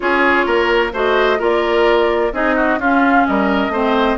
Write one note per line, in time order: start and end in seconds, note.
0.00 0.46 C#4
0.00 0.91 F4
0.00 0.46 G#4
0.00 0.92 C#5
0.46 0.92 A#3
0.46 0.92 A#4
0.93 1.39 A3
0.93 1.38 F#4
0.93 1.39 C5
0.93 1.42 D#5
1.38 2.32 A#3
1.38 2.31 F4
1.38 2.32 A#4
1.38 2.33 D5
2.32 2.78 C4
2.32 2.79 D#4
2.32 2.55 G#4
2.32 2.80 D#5
2.55 2.78 F#4
2.78 3.24 C#4
2.78 3.72 C#4
2.78 3.26 F4
2.78 3.26 F5
3.26 3.68 G3
3.26 3.72 A#4
3.26 4.18 D#5
3.68 4.14 A3
3.68 4.18 C4
3.68 4.18 C5